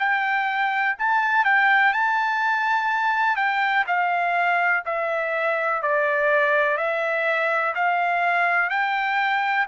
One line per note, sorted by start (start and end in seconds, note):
0.00 0.97 G5
0.99 1.45 A5
1.45 1.94 G5
1.94 3.37 A5
3.37 3.85 G5
3.88 4.84 F5
4.86 5.83 E5
5.83 6.78 D5
6.78 7.75 E5
7.76 8.70 F5
8.70 9.67 G5